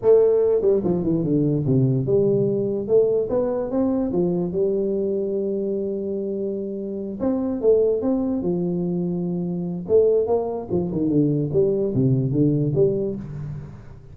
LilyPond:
\new Staff \with { instrumentName = "tuba" } { \time 4/4 \tempo 4 = 146 a4. g8 f8 e8 d4 | c4 g2 a4 | b4 c'4 f4 g4~ | g1~ |
g4. c'4 a4 c'8~ | c'8 f2.~ f8 | a4 ais4 f8 dis8 d4 | g4 c4 d4 g4 | }